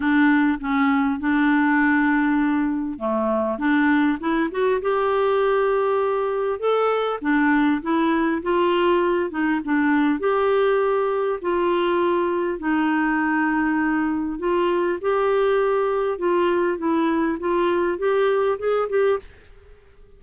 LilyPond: \new Staff \with { instrumentName = "clarinet" } { \time 4/4 \tempo 4 = 100 d'4 cis'4 d'2~ | d'4 a4 d'4 e'8 fis'8 | g'2. a'4 | d'4 e'4 f'4. dis'8 |
d'4 g'2 f'4~ | f'4 dis'2. | f'4 g'2 f'4 | e'4 f'4 g'4 gis'8 g'8 | }